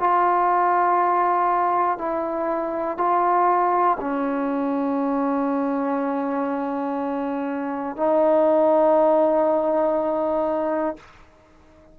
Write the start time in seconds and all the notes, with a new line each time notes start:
0.00 F4
1.99 E4
2.98 F4
4.01 C#4
7.96 D#4